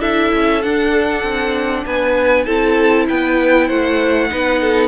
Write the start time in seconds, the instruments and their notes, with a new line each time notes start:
0.00 cello D4, viola E4, violin A4 E5
0.34 cello C#4
0.63 viola D4, cello D4, violin F#5
1.24 cello C4
1.86 cello B3, violin B4 G#5
2.45 cello C4, viola E4, violin A4 A5
3.09 cello B3, violin B4 G5
3.67 cello A3, violin C5 F#5
4.30 cello B3, viola D#4, violin B4
4.61 violin A4